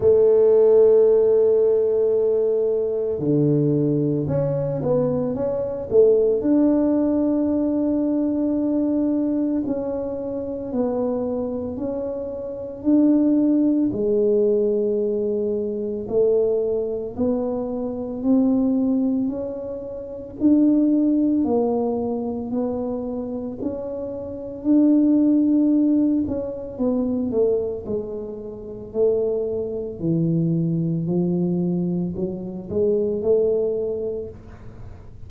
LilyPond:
\new Staff \with { instrumentName = "tuba" } { \time 4/4 \tempo 4 = 56 a2. d4 | cis'8 b8 cis'8 a8 d'2~ | d'4 cis'4 b4 cis'4 | d'4 gis2 a4 |
b4 c'4 cis'4 d'4 | ais4 b4 cis'4 d'4~ | d'8 cis'8 b8 a8 gis4 a4 | e4 f4 fis8 gis8 a4 | }